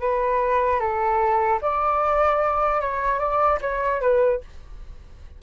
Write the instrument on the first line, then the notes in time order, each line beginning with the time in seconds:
flute
0.00 B4
0.79 A4
1.61 D5
2.81 C#5
3.19 D5
3.61 C#5
4.01 B4